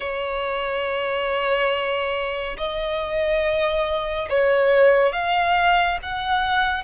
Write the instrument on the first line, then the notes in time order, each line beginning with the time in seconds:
violin
0.00 C#5
2.57 D#5
4.29 C#5
5.12 F5
6.02 F#5